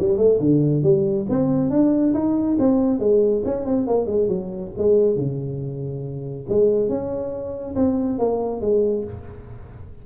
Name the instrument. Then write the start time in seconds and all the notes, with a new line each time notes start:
tuba
0.00 G3
0.18 A3
0.40 D3
0.83 G3
1.30 C4
1.71 D4
2.14 D#4
2.59 C4
3.00 G#3
3.46 C#4
3.66 C4
3.88 A#3
4.07 G#3
4.29 F#3
4.78 G#3
5.17 C#3
6.49 G#3
6.89 C#4
7.76 C4
8.19 A#3
8.61 G#3